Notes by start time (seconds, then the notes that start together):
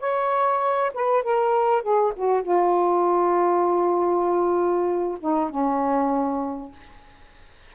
0.00 C#5
0.94 B4
1.24 A#4
1.83 G#4
2.16 F#4
2.43 F4
5.21 D#4
5.50 C#4